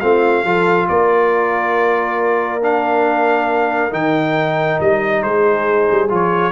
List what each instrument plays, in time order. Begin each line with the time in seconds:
0.00 tuba A3, trombone C4, horn F4, trumpet F5
0.43 tuba F3, trombone F4, horn A4
0.88 tuba A#3, horn A#4, trumpet D5
2.61 trombone D4, trumpet F5
3.90 tuba D#3, trombone D#4, trumpet G5
4.79 tuba G3, trumpet D#5
5.22 tuba G#3, horn G#4, trumpet C5
5.91 tuba G3
6.09 tuba F3, trombone F4, trumpet C#5